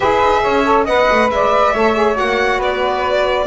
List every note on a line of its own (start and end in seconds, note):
0.00 0.22 E4
0.00 0.64 G#4
0.00 0.41 B4
0.00 0.84 E5
0.22 0.44 D#4
0.42 0.87 C#4
0.42 0.84 C#5
0.64 0.86 A4
0.84 1.09 B3
0.84 1.75 B4
0.84 1.28 D#5
0.84 1.30 F#5
1.11 1.30 A3
1.30 1.74 G#3
1.30 1.73 D5
1.30 2.17 E5
1.73 2.18 A3
1.73 1.94 A4
1.73 2.58 C#5
1.94 2.13 G#4
2.13 3.44 F#4
2.13 2.60 F#5
2.19 2.58 A#3
2.58 3.45 B3
2.58 3.45 B4
2.58 3.46 D5